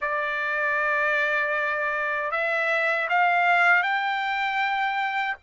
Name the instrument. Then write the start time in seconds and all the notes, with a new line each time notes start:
trumpet
0.01 D5
2.31 E5
3.09 F5
3.82 G5